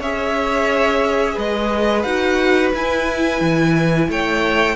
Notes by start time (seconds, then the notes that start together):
0.00 C#4 G#4 C#5 E5
1.35 G#3 B4 D#5
2.03 D#4 F#4 F#5
2.74 E4 G#5
3.41 E3
4.09 A3 C#5 G5